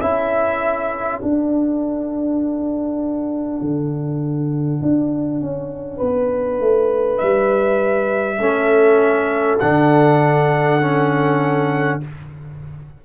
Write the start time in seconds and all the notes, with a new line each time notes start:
0.00 C#4 E4 A4 E5
1.19 D4 F#5
3.60 D3
4.82 D4
5.41 C#4
5.96 B3 B4
6.60 A3
7.17 G3 E5
8.38 A3 C#4
8.45 A4
9.59 D3 D4 F#5
10.80 C#4